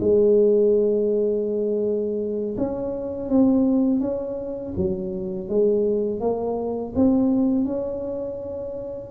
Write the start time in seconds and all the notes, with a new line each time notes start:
0.00 G#3
2.57 C#4
3.29 C4
4.00 C#4
4.77 F#3
5.48 G#3
6.20 A#3
6.95 C4
7.65 C#4